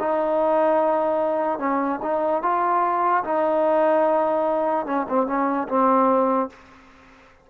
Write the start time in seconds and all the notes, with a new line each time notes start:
0.00 D#4
1.59 C#4
2.03 D#4
2.43 F4
3.24 D#4
4.86 C#4
5.09 C4
5.27 C#4
5.69 C4